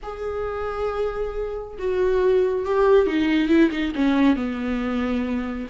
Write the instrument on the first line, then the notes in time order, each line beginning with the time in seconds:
viola
0.02 G#4
1.78 F#4
2.65 G4
3.06 D#4
3.48 E4
3.70 D#4
3.95 C#4
4.36 B3